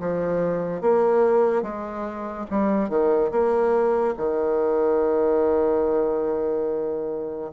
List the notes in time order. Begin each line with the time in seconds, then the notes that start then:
0.00 F3
0.81 A#3
1.62 G#3
2.50 G3
2.89 D#3
3.31 A#3
4.17 D#3